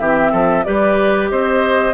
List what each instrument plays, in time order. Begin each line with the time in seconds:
0.00 bassoon E3, clarinet C4, oboe G4, flute E5
0.32 bassoon F3, oboe A4
0.65 bassoon G3, clarinet G4, oboe B4, flute D5
1.31 bassoon C4, oboe C5, flute D#5